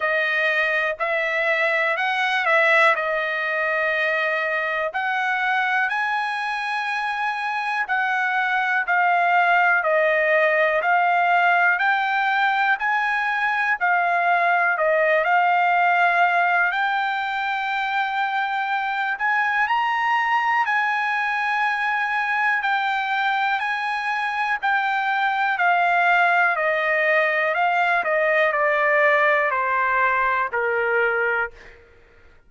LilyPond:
\new Staff \with { instrumentName = "trumpet" } { \time 4/4 \tempo 4 = 61 dis''4 e''4 fis''8 e''8 dis''4~ | dis''4 fis''4 gis''2 | fis''4 f''4 dis''4 f''4 | g''4 gis''4 f''4 dis''8 f''8~ |
f''4 g''2~ g''8 gis''8 | ais''4 gis''2 g''4 | gis''4 g''4 f''4 dis''4 | f''8 dis''8 d''4 c''4 ais'4 | }